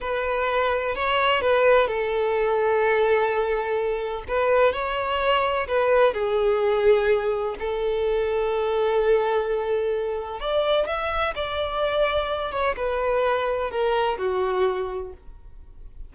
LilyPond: \new Staff \with { instrumentName = "violin" } { \time 4/4 \tempo 4 = 127 b'2 cis''4 b'4 | a'1~ | a'4 b'4 cis''2 | b'4 gis'2. |
a'1~ | a'2 d''4 e''4 | d''2~ d''8 cis''8 b'4~ | b'4 ais'4 fis'2 | }